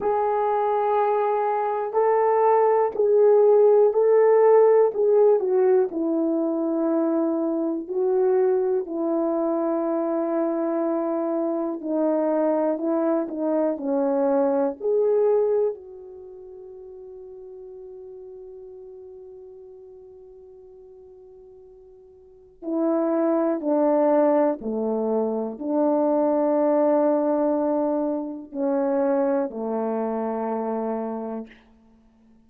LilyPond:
\new Staff \with { instrumentName = "horn" } { \time 4/4 \tempo 4 = 61 gis'2 a'4 gis'4 | a'4 gis'8 fis'8 e'2 | fis'4 e'2. | dis'4 e'8 dis'8 cis'4 gis'4 |
fis'1~ | fis'2. e'4 | d'4 a4 d'2~ | d'4 cis'4 a2 | }